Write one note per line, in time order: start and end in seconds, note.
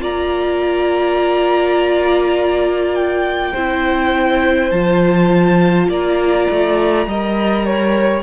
0.00 3.53 A#3
0.00 3.53 F4
0.00 3.52 D5
0.00 2.95 A#5
2.95 4.71 G5
3.52 4.72 C4
3.52 4.74 E4
3.52 5.88 C5
4.71 5.88 F3
4.71 7.10 F4
4.71 5.89 A5
5.88 6.47 A#3
5.88 7.07 D5
5.88 8.23 A#5
6.50 7.06 A3
7.06 8.23 G3
7.06 8.23 A#4
7.06 7.65 D#5
7.65 8.23 C#5